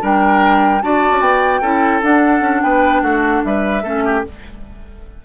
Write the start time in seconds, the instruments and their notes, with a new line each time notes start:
0.00 bassoon G3, clarinet D4, oboe A#4, flute G5
0.81 bassoon D4, clarinet F#4, oboe D5, flute A5
1.10 bassoon C#4
1.20 bassoon B3, flute G5
1.60 bassoon C#4, clarinet E4, oboe A4
2.01 clarinet D4, bassoon D4, flute F#5
2.40 bassoon C#4
2.62 bassoon B3, oboe B4, flute G5
3.01 bassoon A3, oboe F#4, flute F#5
3.44 bassoon G3, oboe B4, flute E5
3.82 bassoon A3, clarinet C#4, oboe A4
4.05 oboe G4